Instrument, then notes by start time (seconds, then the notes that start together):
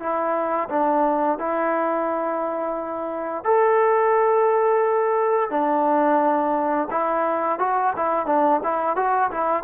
trombone
0.00 E4
0.70 D4
1.39 E4
3.45 A4
5.50 D4
6.91 E4
7.59 F#4
7.97 E4
8.26 D4
8.64 E4
8.97 F#4
9.31 E4